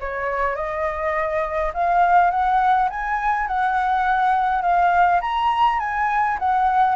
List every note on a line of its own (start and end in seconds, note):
0.00 0.55 C#5
0.55 1.72 D#5
1.73 2.31 F5
2.31 2.89 F#5
2.90 3.47 G#5
3.47 4.62 F#5
4.62 5.20 F5
5.21 5.79 A#5
5.79 6.38 G#5
6.39 6.96 F#5